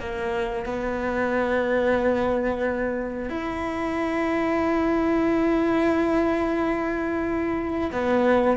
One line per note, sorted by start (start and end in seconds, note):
0.00 0.66 A#3
0.66 3.29 B3
3.29 7.91 E4
7.92 8.57 B3